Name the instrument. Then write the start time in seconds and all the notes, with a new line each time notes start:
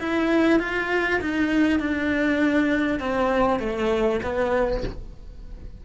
cello
0.00 E4
0.60 F4
1.21 D#4
1.80 D4
3.00 C4
3.60 A3
4.23 B3